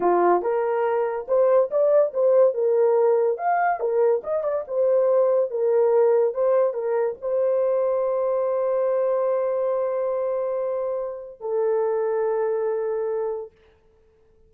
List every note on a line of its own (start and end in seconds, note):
0.00 0.41 F4
0.41 1.26 A#4
1.28 1.70 C5
1.70 2.12 D5
2.13 2.54 C5
2.54 3.37 A#4
3.37 3.79 F5
3.80 4.22 A#4
4.23 4.43 D#5
4.43 4.64 D5
4.67 5.50 C5
5.50 6.34 A#4
6.34 6.73 C5
6.73 7.15 A#4
7.21 11.40 C5
11.40 13.51 A4